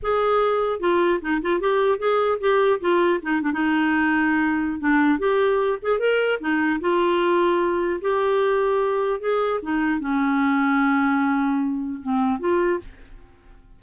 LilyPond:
\new Staff \with { instrumentName = "clarinet" } { \time 4/4 \tempo 4 = 150 gis'2 f'4 dis'8 f'8 | g'4 gis'4 g'4 f'4 | dis'8 d'16 dis'2.~ dis'16 | d'4 g'4. gis'8 ais'4 |
dis'4 f'2. | g'2. gis'4 | dis'4 cis'2.~ | cis'2 c'4 f'4 | }